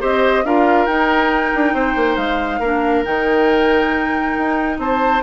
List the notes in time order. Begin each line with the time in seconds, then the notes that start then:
0.00 C4 G4 C5 D#5
0.44 D4 F4 A#4 F5
0.86 D#4 G5
1.54 D4
1.73 C4 C5
1.95 A#3
2.16 G#3 F5
2.59 A#3 D4 A#4
3.04 D#3 D#4 G5
4.37 D#4
4.78 C4 C5 A5